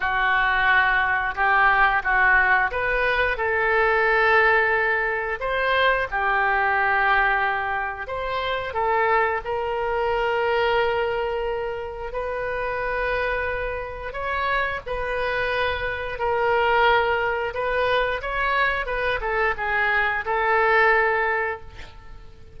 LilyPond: \new Staff \with { instrumentName = "oboe" } { \time 4/4 \tempo 4 = 89 fis'2 g'4 fis'4 | b'4 a'2. | c''4 g'2. | c''4 a'4 ais'2~ |
ais'2 b'2~ | b'4 cis''4 b'2 | ais'2 b'4 cis''4 | b'8 a'8 gis'4 a'2 | }